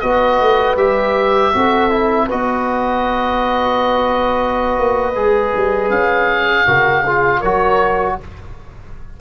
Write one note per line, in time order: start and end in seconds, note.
0.00 0.40 B3
0.00 0.77 F#4
0.00 1.55 B4
0.00 0.76 D#5
0.40 0.76 A3
0.76 1.52 G3
0.76 1.53 G4
0.76 2.29 E5
1.53 2.30 C4
1.53 1.90 F#4
1.53 2.27 A4
1.90 2.28 E4
2.27 4.77 B3
2.27 5.14 F#4
2.27 6.63 B4
2.27 5.90 D#5
4.77 5.15 A#3
5.15 5.53 G#3
5.15 6.67 G#4
5.56 5.90 G3
5.90 6.66 C#4
5.90 7.41 F5
6.67 7.43 C#3
6.67 7.05 F#4
6.67 7.04 A#4
7.04 7.44 F4
7.04 7.40 G#4
7.40 8.19 F#3
7.40 8.20 F#4
7.40 8.16 A#4
7.40 8.17 C#5